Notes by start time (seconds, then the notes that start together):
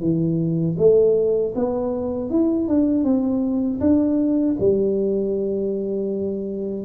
0.00 E3
0.78 A3
1.55 B3
2.30 E4
2.68 D4
3.04 C4
3.80 D4
4.59 G3